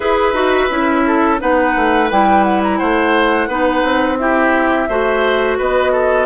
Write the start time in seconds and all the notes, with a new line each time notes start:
0.00 E4 G#4 B4 E5
0.33 D#4 F#4
0.70 C#4 E4
1.07 A4
1.39 B3 D#4 B4 F#5
1.76 A3
2.11 G3 E4 G5
2.43 F#5
2.63 A#5
2.77 A3 C5 F#5
3.48 B3 D#4 B4
3.83 C4
4.18 E4 G4 E5
4.88 A3 F#4 C5
5.58 B3 B4 D#5
5.92 A4